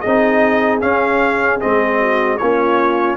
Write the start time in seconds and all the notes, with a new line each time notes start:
0.00 C4 D#4 G#4 D#5
0.81 C#4 F5
1.60 G#3 C4 D#5
1.99 F#4
2.37 A#3 C#4 F4 C#5